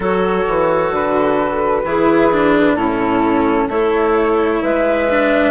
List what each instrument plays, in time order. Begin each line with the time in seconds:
0.00 bassoon F#3, cello F#4, clarinet A4, flute C#5
0.47 bassoon E3
0.90 bassoon D3, flute B4
1.83 bassoon E3, cello E4, clarinet G#4
2.32 cello D4
2.75 bassoon A2, cello C#4, clarinet E4, flute A4
3.68 bassoon A3, cello E4, clarinet A4, flute C#5
4.62 bassoon G#3, clarinet B4, flute E5
5.09 cello D4